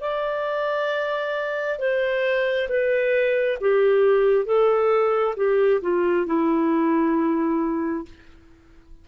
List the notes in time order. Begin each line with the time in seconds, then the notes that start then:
0.00 D5
1.79 C5
2.69 B4
3.61 G4
4.46 A4
5.36 G4
5.81 F4
6.26 E4